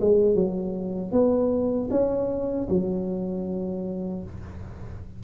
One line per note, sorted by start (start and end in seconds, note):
0.00 0.35 G#3
0.35 1.12 F#3
1.12 1.88 B3
1.90 2.67 C#4
2.69 4.23 F#3